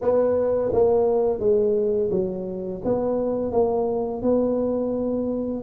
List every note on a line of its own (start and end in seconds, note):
0.01 0.71 B3
0.73 1.39 A#3
1.39 2.10 G#3
2.10 2.81 F#3
2.84 3.52 B3
3.52 4.22 A#3
4.22 5.63 B3